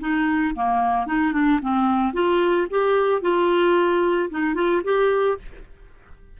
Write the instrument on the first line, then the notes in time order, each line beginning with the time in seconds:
clarinet
0.00 D#4
0.55 A#3
1.06 D#4
1.32 D4
1.61 C4
2.13 F4
2.70 G4
3.21 F4
4.30 D#4
4.55 F4
4.83 G4